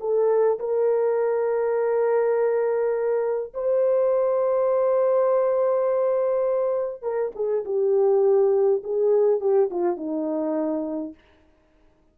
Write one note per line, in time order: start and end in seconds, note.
0.00 0.59 A4
0.59 3.53 A#4
3.54 7.02 C5
7.02 7.32 A#4
7.35 7.65 G#4
7.65 8.82 G4
8.84 9.40 G#4
9.40 9.70 G4
9.71 9.97 F4
9.97 11.14 D#4